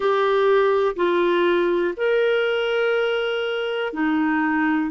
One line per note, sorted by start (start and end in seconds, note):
0.00 0.95 G4
0.96 1.94 F4
1.96 3.93 A#4
3.93 4.90 D#4